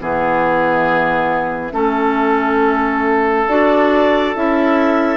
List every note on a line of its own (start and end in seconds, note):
0.00 1.72 E3
0.00 1.72 B3
0.00 1.73 G#4
0.00 3.48 E5
1.72 3.46 A3
1.72 3.46 C#4
1.72 5.17 A4
3.48 4.35 D4
3.48 4.35 F#4
3.48 4.35 D5
4.35 5.17 C#4
4.35 5.17 E4
4.35 5.17 E5